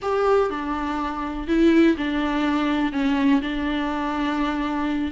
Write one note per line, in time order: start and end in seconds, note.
0.02 0.50 G4
0.50 1.47 D4
1.47 1.96 E4
1.97 2.92 D4
2.92 3.41 C#4
3.41 5.11 D4